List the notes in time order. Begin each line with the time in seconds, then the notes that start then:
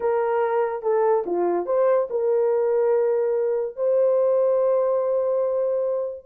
0.00 A#4
0.82 A4
1.26 F4
1.66 C5
2.10 A#4
3.76 C5